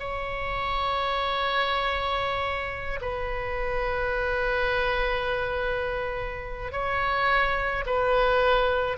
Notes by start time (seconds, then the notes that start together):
0.00 C#5
3.02 B4
6.72 C#5
7.86 B4